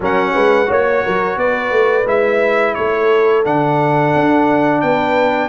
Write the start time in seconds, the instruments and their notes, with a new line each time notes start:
0.00 tuba F#3, trombone C#4, horn A#4, trumpet F#5
0.34 tuba G#3, horn B4
0.66 tuba A#3, trombone F#4, horn C#5, trumpet C#5
1.03 tuba F#3, horn A#4
1.36 tuba B3, horn B4, trumpet D5
1.70 tuba A3
2.05 tuba G#3, trombone E4, trumpet E5
2.74 tuba A3, horn A4, trumpet C#5
3.44 tuba D3, trombone D4, trumpet F#5
4.15 tuba D4
4.81 tuba B3, horn B4, trumpet G5